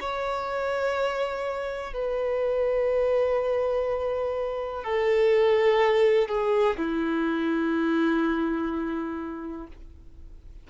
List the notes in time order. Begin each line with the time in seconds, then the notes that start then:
0.00 C#5
1.94 B4
4.84 A4
6.28 G#4
6.77 E4